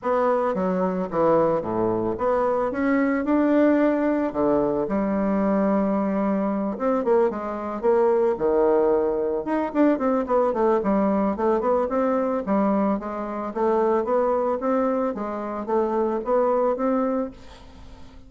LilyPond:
\new Staff \with { instrumentName = "bassoon" } { \time 4/4 \tempo 4 = 111 b4 fis4 e4 a,4 | b4 cis'4 d'2 | d4 g2.~ | g8 c'8 ais8 gis4 ais4 dis8~ |
dis4. dis'8 d'8 c'8 b8 a8 | g4 a8 b8 c'4 g4 | gis4 a4 b4 c'4 | gis4 a4 b4 c'4 | }